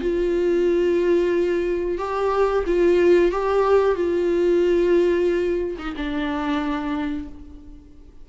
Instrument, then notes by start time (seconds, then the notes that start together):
viola
0.00 F4
1.98 G4
2.66 F4
3.31 G4
3.95 F4
5.78 D#4
5.96 D4